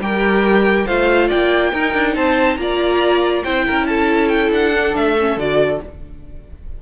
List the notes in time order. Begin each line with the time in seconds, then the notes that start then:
0.00 G3 G4 A#4 G5
0.87 A3 F4 C5 F5
1.28 A#3 D5 G5
1.73 D#4 A#4
1.94 D4
2.15 C4 C5 A5
2.57 A#3 F4 D5 A#5
3.44 C4 E4 C5 G5
3.66 C#4 A#4
3.86 A4 A5
4.29 G5
4.51 D4 F#5
4.74 D4
4.96 A3 E5
5.20 C#4
5.37 D3 F#4 D5